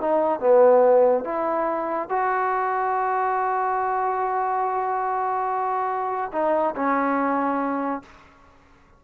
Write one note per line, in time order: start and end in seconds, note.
0.00 0.40 D#4
0.40 1.24 B3
1.24 2.09 E4
2.09 6.31 F#4
6.32 6.74 D#4
6.75 8.02 C#4